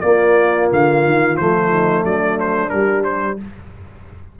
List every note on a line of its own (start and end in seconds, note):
0.00 0.70 A#3
0.00 1.38 A#3
0.00 1.70 F4
0.00 0.67 D5
0.71 1.05 D3
0.71 1.37 F5
1.05 1.39 D#3
1.37 2.04 F3
1.37 2.70 A3
1.37 2.04 C5
1.70 2.03 D#4
2.03 2.71 F#3
2.03 3.37 D4
2.03 2.39 D5
2.40 2.69 C5
2.69 3.37 G3
2.69 3.39 G3
2.69 3.03 A#4
3.04 3.37 C5